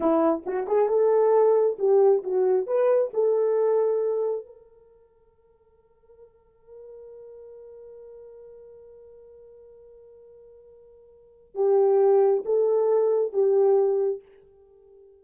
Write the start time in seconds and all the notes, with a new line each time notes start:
0.00 E4
0.45 F#4
0.67 G#4
0.88 A4
1.79 G4
2.23 F#4
2.66 B4
3.13 A4
4.46 A#4
11.54 G4
12.45 A4
13.33 G4